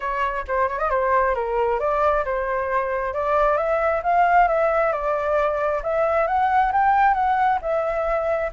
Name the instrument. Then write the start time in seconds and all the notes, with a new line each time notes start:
flute
0.00 C#5
0.47 C5
0.68 C#5
0.78 D#5
0.90 C5
1.34 A#4
1.79 D5
2.24 C5
3.13 D5
3.57 E5
4.03 F5
4.48 E5
4.92 D5
5.82 E5
6.27 F#5
6.72 G5
7.14 F#5
7.61 E5